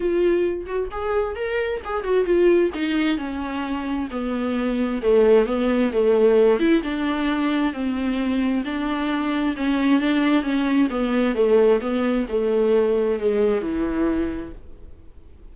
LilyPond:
\new Staff \with { instrumentName = "viola" } { \time 4/4 \tempo 4 = 132 f'4. fis'8 gis'4 ais'4 | gis'8 fis'8 f'4 dis'4 cis'4~ | cis'4 b2 a4 | b4 a4. e'8 d'4~ |
d'4 c'2 d'4~ | d'4 cis'4 d'4 cis'4 | b4 a4 b4 a4~ | a4 gis4 e2 | }